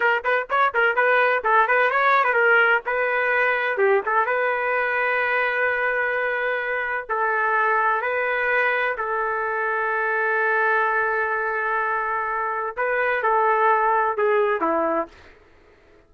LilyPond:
\new Staff \with { instrumentName = "trumpet" } { \time 4/4 \tempo 4 = 127 ais'8 b'8 cis''8 ais'8 b'4 a'8 b'8 | cis''8. b'16 ais'4 b'2 | g'8 a'8 b'2.~ | b'2. a'4~ |
a'4 b'2 a'4~ | a'1~ | a'2. b'4 | a'2 gis'4 e'4 | }